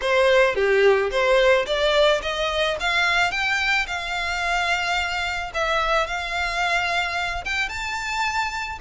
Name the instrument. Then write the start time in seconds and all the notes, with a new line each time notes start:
violin
0.01 C5
0.55 G4
1.10 C5
1.66 D5
2.22 D#5
2.80 F5
3.31 G5
3.86 F5
5.54 E5
6.06 F5
7.44 G5
7.68 A5